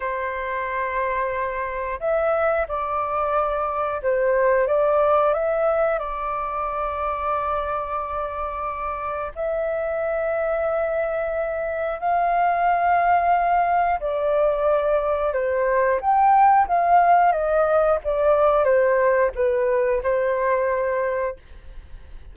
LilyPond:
\new Staff \with { instrumentName = "flute" } { \time 4/4 \tempo 4 = 90 c''2. e''4 | d''2 c''4 d''4 | e''4 d''2.~ | d''2 e''2~ |
e''2 f''2~ | f''4 d''2 c''4 | g''4 f''4 dis''4 d''4 | c''4 b'4 c''2 | }